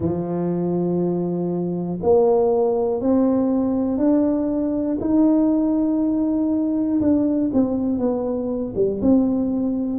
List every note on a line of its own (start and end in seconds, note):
0.00 1.99 F3
2.02 3.00 A#3
3.00 3.97 C4
3.97 4.97 D4
5.00 7.00 D#4
7.00 7.50 D4
7.53 7.98 C4
7.98 8.73 B3
8.75 9.00 G3
9.01 9.99 C4